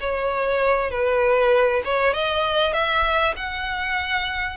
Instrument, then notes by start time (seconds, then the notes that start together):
violin
0.00 C#5
0.90 B4
1.85 C#5
2.13 D#5
2.73 E5
3.36 F#5